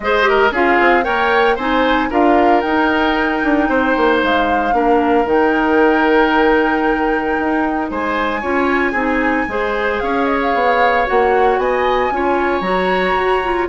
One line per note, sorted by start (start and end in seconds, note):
0.00 0.51 G#3
0.00 0.22 G#4
0.00 0.29 C5
0.00 0.52 D#5
0.22 0.49 G4
0.29 0.52 A#4
0.51 0.77 C#4
0.51 1.03 F4
0.51 1.04 G#4
0.51 1.04 F5
0.79 1.06 C4
1.03 1.57 A#3
1.03 1.56 A#4
1.03 1.55 C#5
1.03 1.56 G5
1.55 2.10 C4
1.55 2.10 D#4
1.55 2.08 C5
1.55 2.11 G#5
2.10 2.63 D4
2.10 2.63 F4
2.10 3.68 A#4
2.10 2.60 F5
2.60 3.42 D#4
2.60 4.72 D#4
2.60 4.18 G5
3.43 3.68 D4
3.68 3.95 C4
3.68 4.74 C5
3.96 4.23 A#3
4.23 4.72 G#3
4.23 5.28 F5
4.72 5.25 A#3
4.72 5.25 D4
4.72 7.90 A#4
5.25 7.36 D#3
5.25 8.41 D#4
5.25 7.91 G5
7.39 7.90 D#4
7.90 8.42 G#3
7.90 8.40 C5
7.90 10.00 G#5
8.40 8.93 C#4
8.40 8.94 F4
8.40 8.91 C#5
8.91 9.46 C4
8.91 9.47 D#4
8.91 9.44 G#4
9.47 10.00 G#3
9.47 11.05 G#4
9.47 10.03 C5
10.00 10.54 C#4
10.00 11.59 C#5
10.00 10.25 F5
10.25 10.38 D#5
10.42 11.07 F5
10.54 11.06 B3
11.05 11.57 A#3
11.05 12.11 F#4
11.05 11.59 F#5
11.57 12.10 B3
11.57 12.12 D#5
11.57 12.61 G#5
12.11 12.60 C#4
12.11 12.62 F4
12.11 13.68 C#5
12.60 13.13 F#3
12.60 13.41 F#4
12.60 13.67 A#5
13.16 13.68 F#4
13.43 13.68 F4